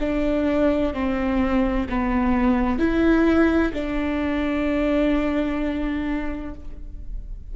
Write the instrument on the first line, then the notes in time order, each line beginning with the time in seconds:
viola
0.00 D4
0.94 C4
1.89 B3
2.79 E4
3.73 D4